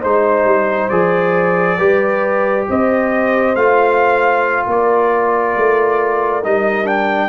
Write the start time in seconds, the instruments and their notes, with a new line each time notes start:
0.00 tuba G#3, trombone D#4, horn C5, trumpet C5
0.44 tuba G3
0.89 tuba F3, trombone G#4, trumpet D5
1.78 tuba G3, trombone G4, horn B4
2.69 tuba C4, horn C5, trumpet D#5
3.55 tuba A3, trombone F4, trumpet F5
4.66 tuba A#3, horn A#4, trumpet D5
5.56 tuba A3
6.43 tuba G3, trombone D#4, trumpet D#5
6.84 trombone D4, trumpet G5